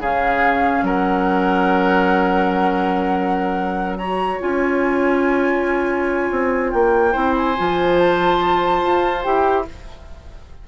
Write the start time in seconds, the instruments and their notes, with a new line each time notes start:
0.00 bassoon C#3, clarinet C#4, oboe G#4, flute F5
0.82 bassoon F#3, oboe A#4, flute F#5
3.98 clarinet F#4, oboe C#5, flute A#5
4.40 bassoon C#4, clarinet F4, flute G#5
6.31 bassoon C4
6.71 bassoon A#3, flute G5
7.12 bassoon C4, clarinet E4, oboe C5
7.37 flute G#5
7.57 bassoon F3, clarinet F4
7.98 flute A5
8.82 bassoon F4
9.23 bassoon E4, clarinet G4, flute G5